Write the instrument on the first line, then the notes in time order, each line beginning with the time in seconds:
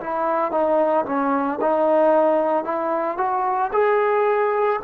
trombone
0.00 E4
0.51 D#4
1.05 C#4
1.61 D#4
2.64 E4
3.17 F#4
3.72 G#4